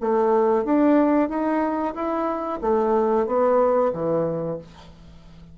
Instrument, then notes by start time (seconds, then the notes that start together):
bassoon
0.00 A3
0.64 D4
1.28 D#4
1.94 E4
2.61 A3
3.26 B3
3.92 E3